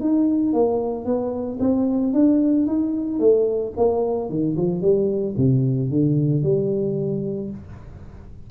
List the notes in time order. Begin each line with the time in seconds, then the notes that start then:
0.00 D#4
0.53 A#3
1.05 B3
1.60 C4
2.13 D4
2.66 D#4
3.19 A3
3.76 A#3
4.29 D#3
4.56 F3
4.81 G3
5.37 C3
5.90 D3
6.43 G3